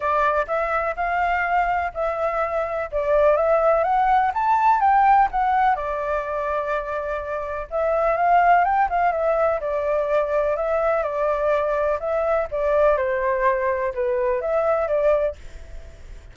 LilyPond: \new Staff \with { instrumentName = "flute" } { \time 4/4 \tempo 4 = 125 d''4 e''4 f''2 | e''2 d''4 e''4 | fis''4 a''4 g''4 fis''4 | d''1 |
e''4 f''4 g''8 f''8 e''4 | d''2 e''4 d''4~ | d''4 e''4 d''4 c''4~ | c''4 b'4 e''4 d''4 | }